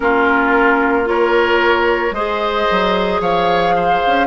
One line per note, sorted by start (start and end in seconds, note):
0.00 2.11 A#3
0.00 1.04 C#4
0.00 1.09 F4
0.00 1.07 A#4
1.04 2.11 F4
1.04 2.14 A#4
1.04 2.13 C#5
2.11 2.65 G#3
2.11 4.27 G#4
2.11 3.21 C5
2.11 3.21 D#5
2.71 3.20 F#3
3.20 4.00 F3
3.20 3.75 C#5
3.20 4.27 F5
3.75 4.27 C5
4.06 4.27 C#4